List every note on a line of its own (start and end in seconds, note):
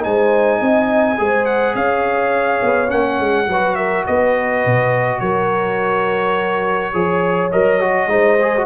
0.00 0.61 G#3
0.00 1.15 D#4
0.00 0.60 C5
0.00 1.46 G#5
0.60 1.19 C4
0.60 1.17 D#5
1.18 1.75 G#3
1.18 2.88 G#4
1.18 1.75 C5
1.46 1.75 F#5
1.75 2.61 C#4
1.75 3.48 C#5
1.75 2.90 F5
2.62 2.91 B3
2.88 3.19 A#3
2.88 3.46 C#4
2.88 3.75 F#5
3.19 3.48 G#3
3.48 4.05 F#3
3.48 6.93 F#4
3.48 3.77 B4
3.75 4.06 A#4
3.75 4.04 E5
4.06 4.66 B3
4.06 5.21 B4
4.06 5.20 D#5
4.66 5.21 B2
5.20 6.94 F#3
5.20 6.94 A#4
5.20 7.50 C#5
6.93 7.52 F3
6.93 7.51 G#4
6.93 8.10 C#5
7.51 8.07 F#3
7.51 7.80 A#4
7.51 8.66 D#5
7.80 8.08 F#4
8.07 8.65 G#3
8.07 8.37 D#4
8.07 8.66 C5
8.41 8.56 G#4
8.57 8.66 F#4